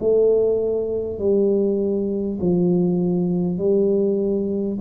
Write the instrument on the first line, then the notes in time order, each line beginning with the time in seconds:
tuba
0.00 A3
1.18 G3
2.41 F3
3.58 G3